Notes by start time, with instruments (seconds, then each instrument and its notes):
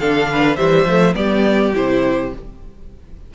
0.00 cello D3, viola D4, violin A4 F5
0.33 violin B4
0.56 cello E3, viola G3, violin C5 E5
0.85 cello F3, viola A3
1.14 cello G3, viola B3, violin G4 D5
1.75 cello C3, viola E4, violin C5